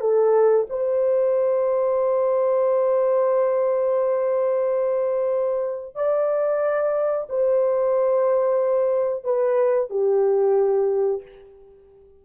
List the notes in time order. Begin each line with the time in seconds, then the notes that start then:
0.00 A4
0.69 C5
5.95 D5
7.29 C5
9.24 B4
9.90 G4